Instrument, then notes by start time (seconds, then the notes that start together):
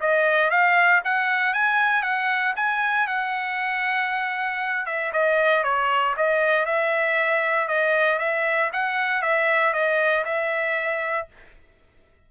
trumpet
0.00 D#5
0.50 F5
1.04 F#5
1.53 G#5
2.02 F#5
2.56 G#5
3.07 F#5
4.86 E5
5.13 D#5
5.63 C#5
6.17 D#5
6.65 E5
7.67 D#5
8.19 E5
8.72 F#5
9.22 E5
9.73 D#5
10.24 E5